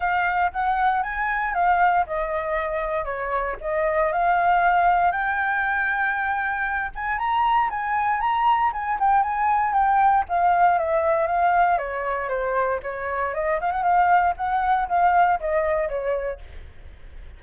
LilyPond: \new Staff \with { instrumentName = "flute" } { \time 4/4 \tempo 4 = 117 f''4 fis''4 gis''4 f''4 | dis''2 cis''4 dis''4 | f''2 g''2~ | g''4. gis''8 ais''4 gis''4 |
ais''4 gis''8 g''8 gis''4 g''4 | f''4 e''4 f''4 cis''4 | c''4 cis''4 dis''8 f''16 fis''16 f''4 | fis''4 f''4 dis''4 cis''4 | }